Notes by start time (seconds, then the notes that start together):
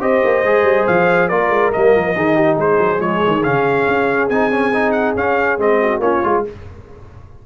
0.00 C4 G4 C5 D#5
0.24 A#3
0.43 G#3 G#4
0.63 G3
0.87 F3 F5
1.28 A#3 F4 A#4 D5
1.49 G#3
1.72 G3 A#3 D#5
1.95 F3
2.15 D#3 D#4 G#4
2.35 G4
2.56 G#3 G#4 C5
2.78 F#3
2.98 F3 G#3 C#5
3.27 D#3
3.43 C#3 C#4 F5
3.88 C#4
4.29 C4 D#4 G#5
4.51 C#4
4.73 D#4
4.91 F#5
5.15 C#4 F5
5.58 G#3 C4 D#5
5.81 F#4
5.99 A#3 C#4 F4 C#5
6.23 G#3 F4